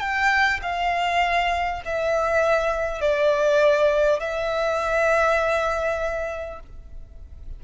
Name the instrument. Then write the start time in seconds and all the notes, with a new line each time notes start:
violin
0.00 G5
0.62 F5
1.85 E5
3.01 D5
4.20 E5